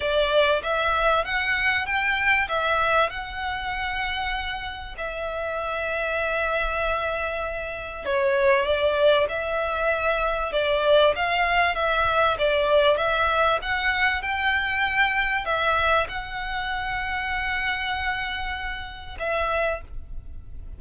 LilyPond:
\new Staff \with { instrumentName = "violin" } { \time 4/4 \tempo 4 = 97 d''4 e''4 fis''4 g''4 | e''4 fis''2. | e''1~ | e''4 cis''4 d''4 e''4~ |
e''4 d''4 f''4 e''4 | d''4 e''4 fis''4 g''4~ | g''4 e''4 fis''2~ | fis''2. e''4 | }